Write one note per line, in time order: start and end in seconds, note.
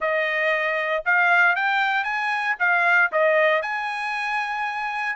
0.00 1.04 D#5
1.05 1.55 F5
1.55 2.03 G5
2.03 2.55 G#5
2.59 3.11 F5
3.12 3.62 D#5
3.62 5.16 G#5